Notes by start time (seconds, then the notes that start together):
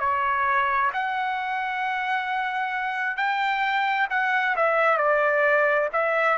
0.00 C#5
0.93 F#5
3.17 G5
4.10 F#5
4.56 E5
4.98 D5
5.93 E5